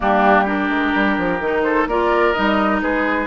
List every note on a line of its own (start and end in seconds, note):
0.00 0.69 G3
0.00 0.46 A#3
0.00 0.44 D4
0.00 0.48 G4
0.44 1.39 D4
0.44 1.61 G4
0.44 1.62 A#4
0.69 0.92 G#3
0.94 1.17 G3
1.17 1.40 F3
1.40 1.86 D#3
1.40 1.89 D#4
1.62 1.88 A4
1.62 1.86 C5
1.86 2.33 A#3
1.86 2.34 F4
1.86 2.82 A#4
1.86 2.33 D5
2.33 2.82 G3
2.33 3.26 D#4
2.33 2.80 D#5
2.82 3.26 G#3
2.82 3.26 G#4
2.82 3.26 B4